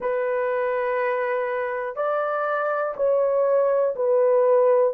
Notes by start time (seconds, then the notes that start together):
0.00 B4
1.95 D5
2.96 C#5
3.95 B4